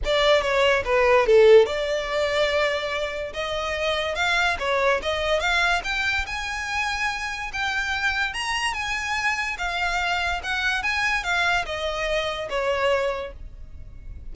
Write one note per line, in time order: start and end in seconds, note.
0.04 0.41 D5
0.41 0.83 C#5
0.84 1.26 B4
1.26 1.66 A4
1.66 3.32 D5
3.33 4.15 D#5
4.15 4.56 F5
4.59 5.01 C#5
5.02 5.40 D#5
5.40 5.81 F5
5.84 6.25 G5
6.26 7.51 G#5
7.52 8.33 G5
8.33 8.73 A#5
8.73 9.56 G#5
9.58 10.41 F5
10.43 10.82 F#5
10.82 11.23 G#5
11.23 11.65 F5
11.65 12.48 D#5
12.49 13.32 C#5